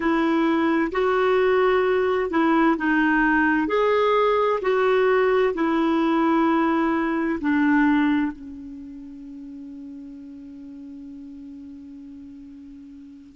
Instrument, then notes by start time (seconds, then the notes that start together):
clarinet
0.00 E4
0.91 F#4
2.30 E4
2.77 D#4
3.67 G#4
4.62 F#4
5.54 E4
7.41 D4
8.32 C#4